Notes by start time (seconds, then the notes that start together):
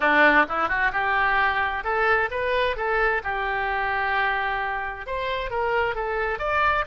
0.00 D4
0.48 E4
0.68 F#4
0.92 G4
1.83 A4
2.30 B4
2.76 A4
3.23 G4
5.06 C5
5.50 A#4
5.95 A4
6.39 D5